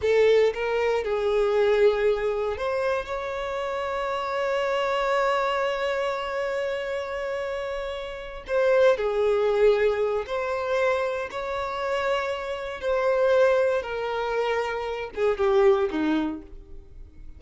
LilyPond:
\new Staff \with { instrumentName = "violin" } { \time 4/4 \tempo 4 = 117 a'4 ais'4 gis'2~ | gis'4 c''4 cis''2~ | cis''1~ | cis''1~ |
cis''8 c''4 gis'2~ gis'8 | c''2 cis''2~ | cis''4 c''2 ais'4~ | ais'4. gis'8 g'4 dis'4 | }